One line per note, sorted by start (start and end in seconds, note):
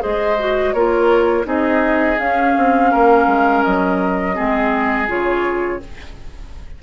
0.00 0.73 G#3
0.00 0.36 G#4
0.00 0.74 C5
0.00 0.73 D#5
0.39 0.75 F#4
0.73 1.45 A#3
0.73 1.44 F4
0.73 1.46 A#4
0.73 1.45 C#5
1.44 2.18 C4
1.44 2.16 D#4
1.44 2.91 G#4
1.44 2.18 D#5
2.18 2.56 C#4
2.18 4.35 C#4
2.18 3.63 F5
2.57 2.93 C4
2.91 3.27 A#3
2.91 4.35 A#4
3.27 3.63 G#3
3.63 4.38 F#3
3.63 5.08 D#5
4.35 5.09 G#3
4.35 5.07 C4
4.35 5.80 G#4
5.07 5.81 C#3
5.07 5.80 F4
5.07 5.82 C#5